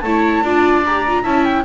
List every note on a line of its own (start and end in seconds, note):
0.00 0.42 A3
0.00 0.44 E4
0.00 0.44 C#5
0.00 0.81 A5
0.42 1.23 D4
0.42 0.84 F4
0.42 1.22 D5
0.85 1.06 G4
0.85 1.25 A#5
1.08 1.24 F4
1.22 1.64 C#4
1.22 1.64 E4
1.22 1.63 E5
1.22 1.44 A5
1.44 1.64 G5